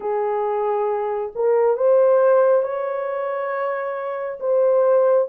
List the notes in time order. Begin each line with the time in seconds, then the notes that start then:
0.00 G#4
1.35 A#4
1.76 C5
2.62 C#5
4.40 C5